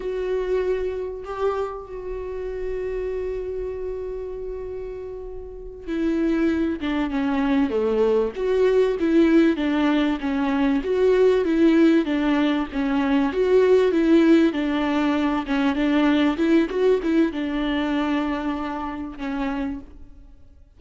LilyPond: \new Staff \with { instrumentName = "viola" } { \time 4/4 \tempo 4 = 97 fis'2 g'4 fis'4~ | fis'1~ | fis'4. e'4. d'8 cis'8~ | cis'8 a4 fis'4 e'4 d'8~ |
d'8 cis'4 fis'4 e'4 d'8~ | d'8 cis'4 fis'4 e'4 d'8~ | d'4 cis'8 d'4 e'8 fis'8 e'8 | d'2. cis'4 | }